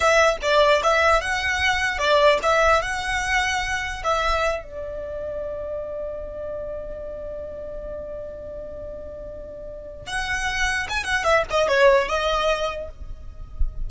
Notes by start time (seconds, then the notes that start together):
0.00 E5
0.42 D5
0.83 E5
1.21 F#5
1.98 D5
2.43 E5
2.82 F#5
4.03 E5
4.63 D5
10.06 F#5
10.89 G#5
11.03 F#5
11.23 E5
11.50 D#5
11.68 C#5
12.08 D#5